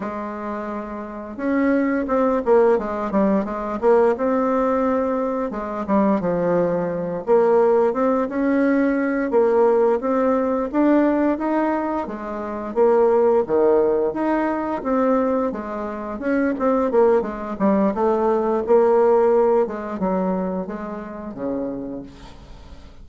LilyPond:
\new Staff \with { instrumentName = "bassoon" } { \time 4/4 \tempo 4 = 87 gis2 cis'4 c'8 ais8 | gis8 g8 gis8 ais8 c'2 | gis8 g8 f4. ais4 c'8 | cis'4. ais4 c'4 d'8~ |
d'8 dis'4 gis4 ais4 dis8~ | dis8 dis'4 c'4 gis4 cis'8 | c'8 ais8 gis8 g8 a4 ais4~ | ais8 gis8 fis4 gis4 cis4 | }